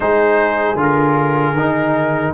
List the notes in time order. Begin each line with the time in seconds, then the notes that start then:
0.00 G#3 D#4 G#4 C5
0.75 D3 F4 A#4
1.53 D#3 D#4